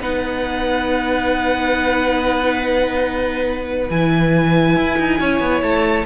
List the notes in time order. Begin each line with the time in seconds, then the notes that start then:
0.00 B3 D#4 B4 F#5
3.90 E3 E4 G#5
4.76 E4
4.99 D#4
5.20 C#4 C#5
5.41 B3
5.62 A3 A5